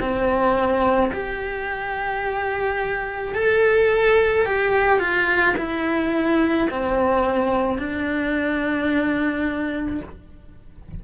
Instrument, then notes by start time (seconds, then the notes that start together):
cello
0.00 C4
1.13 G4
3.35 A4
4.45 G4
4.99 F4
5.57 E4
6.70 C4
7.78 D4